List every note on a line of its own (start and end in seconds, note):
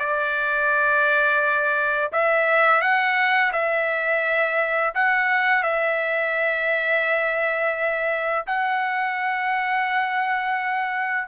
0.00 2.12 D5
2.13 2.82 E5
2.82 3.52 F#5
3.53 4.94 E5
4.95 5.63 F#5
5.63 8.46 E5
8.47 11.28 F#5